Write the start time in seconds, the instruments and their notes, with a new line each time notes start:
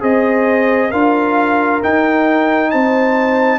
0.00 tuba C4, trombone G#4, horn C5, trumpet D#5
0.90 tuba D4, trombone F4, horn A#4, trumpet F5
1.82 trombone D#4, tuba D#4, trumpet G5
2.71 tuba C4, horn C5, trumpet A5